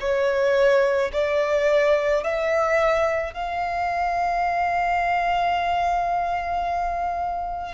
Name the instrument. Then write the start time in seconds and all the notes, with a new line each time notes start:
violin
0.00 C#5
1.13 D5
2.24 E5
3.34 F5